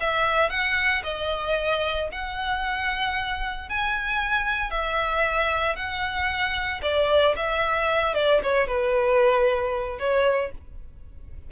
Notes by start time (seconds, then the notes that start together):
0.00 E5
0.50 F#5
1.03 D#5
2.11 F#5
3.69 G#5
4.70 E5
5.75 F#5
6.82 D5
7.36 E5
8.14 D5
8.43 C#5
8.67 B4
9.99 C#5